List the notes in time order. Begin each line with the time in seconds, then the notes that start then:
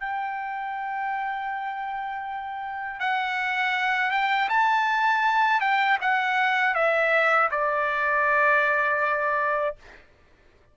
0.00 G5
3.00 F#5
4.11 G5
4.49 A5
5.61 G5
6.01 F#5
6.74 E5
7.51 D5